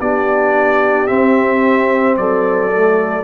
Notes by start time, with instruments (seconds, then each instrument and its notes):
0.00 tuba B3, trombone D4, horn G4, trumpet D5
1.06 trombone C4, tuba C4, trumpet E5
2.17 tuba F#3, horn A4, trumpet D5
2.71 trombone A3